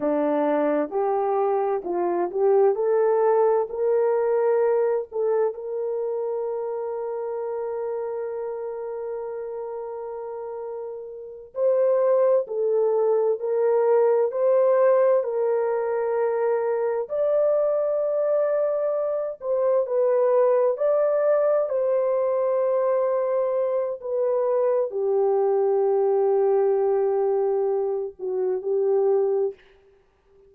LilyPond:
\new Staff \with { instrumentName = "horn" } { \time 4/4 \tempo 4 = 65 d'4 g'4 f'8 g'8 a'4 | ais'4. a'8 ais'2~ | ais'1~ | ais'8 c''4 a'4 ais'4 c''8~ |
c''8 ais'2 d''4.~ | d''4 c''8 b'4 d''4 c''8~ | c''2 b'4 g'4~ | g'2~ g'8 fis'8 g'4 | }